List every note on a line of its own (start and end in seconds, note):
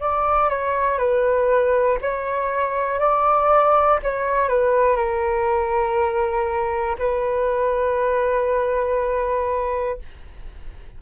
0.00 0.49 D5
0.49 0.98 C#5
0.98 1.98 B4
2.01 2.99 C#5
2.99 3.99 D5
4.03 4.49 C#5
4.49 4.96 B4
4.96 6.96 A#4
6.99 9.99 B4